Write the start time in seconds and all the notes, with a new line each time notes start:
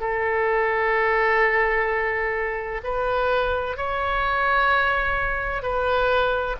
0.00 A4
2.83 B4
3.76 C#5
5.62 B4